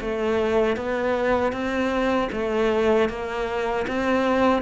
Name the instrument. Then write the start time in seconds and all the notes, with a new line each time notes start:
cello
0.00 A3
0.76 B3
1.52 C4
2.32 A3
3.09 A#3
3.87 C4